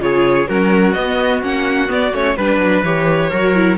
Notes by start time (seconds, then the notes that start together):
0.00 C#3 F4 G#4 C#5
0.48 F#3 C#4 F#4 A#4
0.93 B3 D#5
1.42 A#3 C#4 F#5
1.88 B3 D5
2.13 A3 C#4 C#5
2.37 G3 D4 B4
2.58 F#3
2.84 E3 G4 C#5
3.30 F#3 F#4 A#4
3.55 E4